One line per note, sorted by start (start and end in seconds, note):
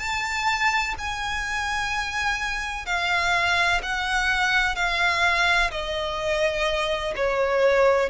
0.00 0.95 A5
0.99 2.86 G#5
2.86 3.81 F5
3.83 4.76 F#5
4.76 5.71 F5
5.71 7.14 D#5
7.16 8.10 C#5